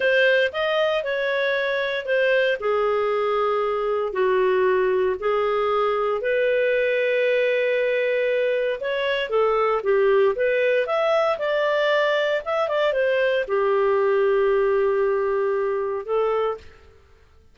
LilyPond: \new Staff \with { instrumentName = "clarinet" } { \time 4/4 \tempo 4 = 116 c''4 dis''4 cis''2 | c''4 gis'2. | fis'2 gis'2 | b'1~ |
b'4 cis''4 a'4 g'4 | b'4 e''4 d''2 | e''8 d''8 c''4 g'2~ | g'2. a'4 | }